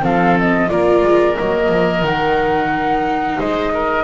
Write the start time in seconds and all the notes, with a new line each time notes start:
0.00 F3 C4 A4 F5
0.39 D#5
0.69 A#3 F4 A#4 D5
1.04 G#3
1.35 F#3 A#3 D#5
1.69 F3
2.03 D#3 D#4 F#5
3.39 G#3 C5 D#5
3.74 A#4